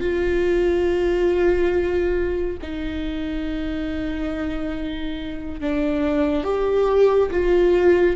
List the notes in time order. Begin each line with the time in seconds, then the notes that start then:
0.00 F4
2.61 D#4
5.61 D4
6.44 G4
7.31 F4